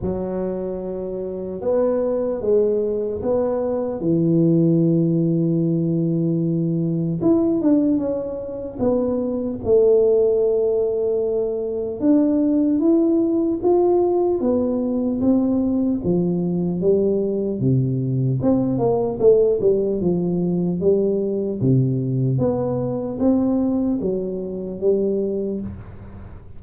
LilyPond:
\new Staff \with { instrumentName = "tuba" } { \time 4/4 \tempo 4 = 75 fis2 b4 gis4 | b4 e2.~ | e4 e'8 d'8 cis'4 b4 | a2. d'4 |
e'4 f'4 b4 c'4 | f4 g4 c4 c'8 ais8 | a8 g8 f4 g4 c4 | b4 c'4 fis4 g4 | }